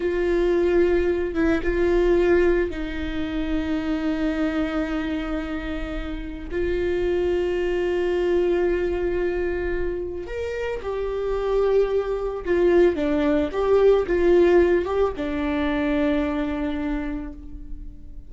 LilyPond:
\new Staff \with { instrumentName = "viola" } { \time 4/4 \tempo 4 = 111 f'2~ f'8 e'8 f'4~ | f'4 dis'2.~ | dis'1 | f'1~ |
f'2. ais'4 | g'2. f'4 | d'4 g'4 f'4. g'8 | d'1 | }